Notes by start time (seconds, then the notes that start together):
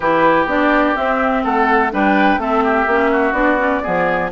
0.00 E3 E4 G4 B4
0.45 B3 D4 D5
0.95 C4 E5
1.44 A3 A4 F#5
1.91 G3 D4 B4 G5
2.37 A3 C4 A4 E5
2.64 G4
2.87 A#3 C#4
3.11 F#4
3.32 B3 D4 D5
3.58 C#4
3.83 F3 B3 G#4